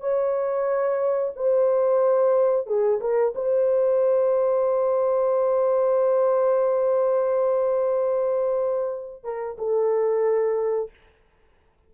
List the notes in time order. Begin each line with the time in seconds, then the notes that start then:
0.00 C#5
1.35 C5
2.66 G#4
3.00 A#4
3.34 C5
9.23 A#4
9.58 A4